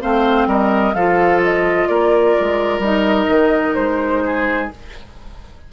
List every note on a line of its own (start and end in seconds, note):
0.00 0.46 A3
0.00 0.94 C4
0.00 0.48 C5
0.00 0.48 F5
0.46 0.93 G3
0.46 0.94 A#4
0.46 0.94 D#5
0.94 1.88 F3
0.94 2.83 F4
0.94 1.88 A4
0.94 1.40 F5
1.42 1.87 D#5
1.87 2.35 A#3
1.87 4.23 A#4
1.87 2.80 D5
2.40 2.79 G#3
2.79 3.25 G3
2.79 4.71 D#4
2.79 3.74 D#5
3.28 3.75 D#3
3.74 4.70 G#3
3.74 4.68 C5
4.25 4.72 G#4